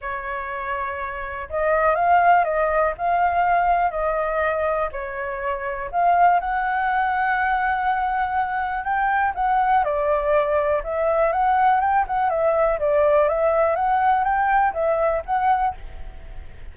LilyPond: \new Staff \with { instrumentName = "flute" } { \time 4/4 \tempo 4 = 122 cis''2. dis''4 | f''4 dis''4 f''2 | dis''2 cis''2 | f''4 fis''2.~ |
fis''2 g''4 fis''4 | d''2 e''4 fis''4 | g''8 fis''8 e''4 d''4 e''4 | fis''4 g''4 e''4 fis''4 | }